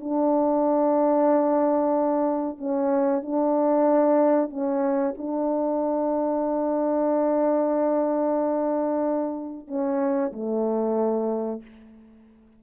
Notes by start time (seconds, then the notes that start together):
0.00 D4
2.58 C#4
3.22 D4
4.50 C#4
5.17 D4
9.67 C#4
10.33 A3